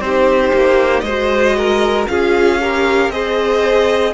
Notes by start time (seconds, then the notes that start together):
0.00 C4 D#4 G4 C5
0.53 A#3
1.00 G#3 C5 D#5
1.08 F#4
1.58 A#4
2.07 C#4 F4 G#4 F5
2.61 G4 A#4
3.09 C4 G#4 C5 D#5